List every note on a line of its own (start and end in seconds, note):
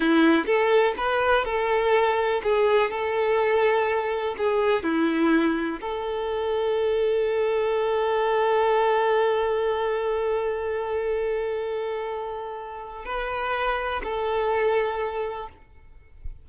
0.00 0.45 E4
0.46 0.94 A4
0.97 1.44 B4
1.44 2.41 A4
2.43 2.90 G#4
2.90 4.35 A4
4.37 4.83 G#4
4.83 5.80 E4
5.80 13.05 A4
13.05 14.01 B4
14.03 15.48 A4